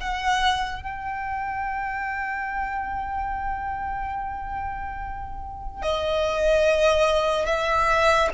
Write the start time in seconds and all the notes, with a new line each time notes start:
0.00 F#5
0.82 G5
5.82 D#5
7.45 E5